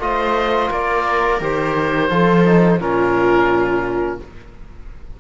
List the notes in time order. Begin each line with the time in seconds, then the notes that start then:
0.00 A3 F4 C5 D#5
0.70 A#3 A#4 D5
1.40 D#3 G4 C5
2.10 F3 F4 A4
2.45 D#4
2.79 A#2 C#4 F4 A#4